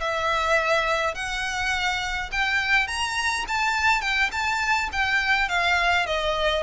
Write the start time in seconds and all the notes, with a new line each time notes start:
0.00 E5
1.15 F#5
2.32 G5
2.87 A#5
3.47 A5
4.01 G5
4.31 A5
4.92 G5
5.48 F5
6.06 D#5